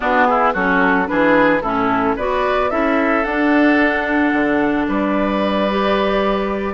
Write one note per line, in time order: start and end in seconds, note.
0.00 0.54 B3
0.00 0.27 D4
0.00 0.26 F#4
0.26 0.53 E4
0.26 0.53 G#4
0.53 1.08 F#3
0.53 1.06 C#4
0.53 1.07 F#4
0.53 1.07 A4
1.06 1.61 E3
1.06 1.60 D4
1.06 1.62 G#4
1.06 1.61 B4
1.61 2.15 A2
1.61 2.18 C#4
1.61 2.16 E4
1.61 2.15 A4
2.16 2.71 B3
2.16 2.70 F#4
2.16 2.70 B4
2.16 2.70 D5
2.70 3.24 C#4
2.70 3.24 E4
2.70 4.86 A4
2.70 3.24 E5
3.24 4.32 D4
3.24 5.68 D4
3.24 4.86 F#5
4.32 4.86 D3
4.87 6.74 G3
4.87 6.74 B4
4.87 6.74 D5
5.69 6.74 G4